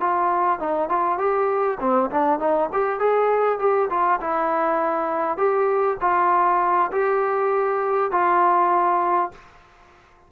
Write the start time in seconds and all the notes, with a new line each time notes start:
0.00 F4
0.59 D#4
0.89 F4
1.18 G4
1.80 C4
2.11 D4
2.39 D#4
2.72 G4
2.99 G#4
3.59 G4
3.90 F4
4.21 E4
5.37 G4
6.01 F4
6.91 G4
8.11 F4